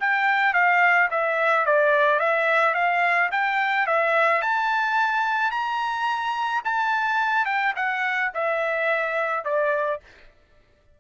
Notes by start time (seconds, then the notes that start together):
0.00 G5
0.53 F5
1.11 E5
1.66 D5
2.19 E5
2.74 F5
3.32 G5
3.87 E5
4.42 A5
5.51 A#5
6.65 A5
7.45 G5
7.76 F#5
8.34 E5
9.45 D5